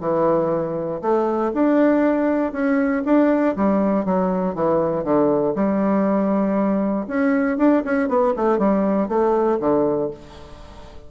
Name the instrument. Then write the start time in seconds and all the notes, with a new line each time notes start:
bassoon
0.00 E3
1.01 A3
1.54 D4
2.52 C#4
3.05 D4
3.56 G3
4.05 F#3
4.55 E3
5.04 D3
5.55 G3
7.07 C#4
7.58 D4
7.85 C#4
8.09 B3
8.36 A3
8.58 G3
9.08 A3
9.60 D3